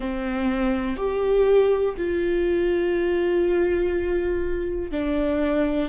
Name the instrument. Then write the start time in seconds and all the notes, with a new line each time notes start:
viola
0.00 C4
0.96 G4
1.97 F4
4.91 D4